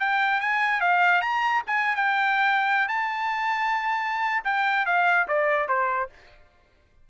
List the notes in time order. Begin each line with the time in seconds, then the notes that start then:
0.00 G5
0.41 G#5
0.81 F5
1.22 A#5
1.67 G#5
1.96 G5
2.89 A5
4.45 G5
4.86 F5
5.28 D5
5.68 C5